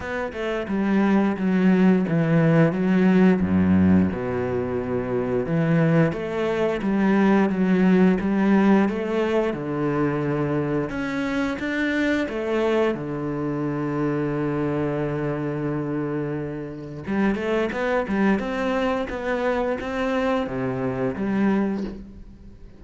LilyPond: \new Staff \with { instrumentName = "cello" } { \time 4/4 \tempo 4 = 88 b8 a8 g4 fis4 e4 | fis4 fis,4 b,2 | e4 a4 g4 fis4 | g4 a4 d2 |
cis'4 d'4 a4 d4~ | d1~ | d4 g8 a8 b8 g8 c'4 | b4 c'4 c4 g4 | }